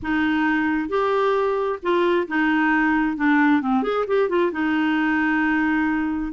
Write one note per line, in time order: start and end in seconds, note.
0.02 0.88 D#4
0.88 1.79 G4
1.82 2.27 F4
2.27 3.16 D#4
3.16 3.61 D4
3.61 3.82 C4
3.82 4.05 G#4
4.07 4.29 G4
4.29 4.51 F4
4.52 6.32 D#4